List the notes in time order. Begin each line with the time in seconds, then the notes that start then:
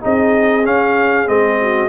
0.00 C4 D#4 G#4 D#5
0.64 C#4 F5
1.26 G#3 C4 D#5
1.60 F#4